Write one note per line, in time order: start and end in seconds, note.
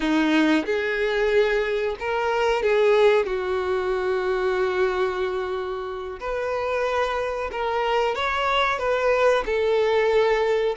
0.00 0.65 D#4
0.65 1.96 G#4
1.99 2.63 A#4
2.63 3.26 G#4
3.26 6.19 F#4
6.20 7.50 B4
7.51 8.15 A#4
8.15 8.78 C#5
8.78 9.44 B4
9.45 10.75 A4